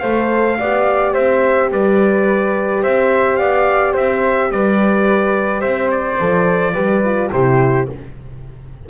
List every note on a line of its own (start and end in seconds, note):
0.00 0.60 A3
0.00 0.61 A4
0.00 0.58 C5
0.00 1.12 F5
0.60 1.16 B3
0.60 6.19 G4
0.60 1.14 D5
1.14 1.72 C4
1.14 1.70 C5
1.14 1.70 E5
1.72 2.84 G3
1.72 2.83 B4
1.72 2.83 D5
2.83 3.40 C4
2.83 3.39 C5
2.83 3.37 E5
3.37 3.96 B3
3.37 3.93 D5
3.37 3.93 F5
3.93 4.52 C4
3.93 4.49 C5
3.93 4.52 E5
4.52 5.63 G3
4.52 5.61 B4
4.52 5.62 D5
5.61 6.20 C4
5.61 6.73 C5
5.61 5.90 E5
5.91 7.32 D5
6.19 6.75 F3
6.19 6.75 A4
6.74 7.31 G3
6.74 7.03 G4
6.74 7.30 B4
7.05 7.33 F4
7.32 7.89 C3
7.32 7.89 E4
7.32 7.90 G4
7.32 7.88 C5